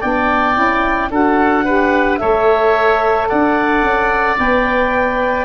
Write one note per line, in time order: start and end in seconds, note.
0.00 0.57 B3
0.00 0.54 D4
0.00 1.09 D5
0.00 1.10 G5
0.54 1.10 C#4
0.54 1.09 E4
1.10 2.19 D4
1.10 1.65 F#4
1.10 1.64 A4
1.10 2.17 F#5
1.64 2.18 G4
1.64 2.19 B4
2.17 3.30 A3
2.17 4.36 A4
2.17 3.28 C#5
2.17 3.27 E5
3.28 3.82 D4
3.28 5.45 D5
3.28 4.37 F#5
3.82 4.37 C#4
4.37 5.45 B3
4.37 5.45 B4
4.37 5.45 G5